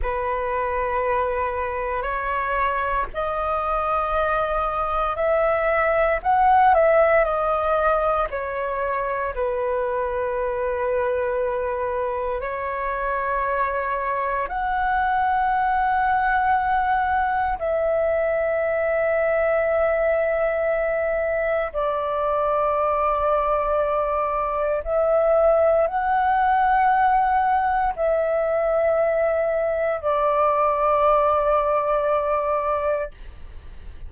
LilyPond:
\new Staff \with { instrumentName = "flute" } { \time 4/4 \tempo 4 = 58 b'2 cis''4 dis''4~ | dis''4 e''4 fis''8 e''8 dis''4 | cis''4 b'2. | cis''2 fis''2~ |
fis''4 e''2.~ | e''4 d''2. | e''4 fis''2 e''4~ | e''4 d''2. | }